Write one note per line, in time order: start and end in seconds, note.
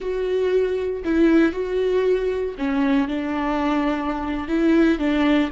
0.00 1.03 F#4
1.04 1.52 E4
1.52 2.55 F#4
2.58 3.08 C#4
3.08 4.48 D4
4.48 4.99 E4
4.99 5.50 D4